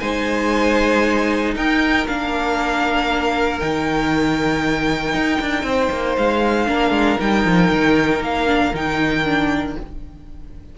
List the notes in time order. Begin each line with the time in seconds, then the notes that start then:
0.00 G#3 D#4 C5 G#5
1.56 D#4 A#4 G5
2.07 A#3 D4 F5
3.60 D#3 D#4 G5
5.14 D#4
5.40 D4
5.63 C4 C5
5.92 A#3
6.17 G#3 F5
6.67 A#3 D4 A#4
6.91 G#3
7.19 G3 D#4 G5
7.45 F3
7.71 D#3
8.20 A#3 F5
8.47 D4
8.73 D#3 D#4 G5
9.25 D4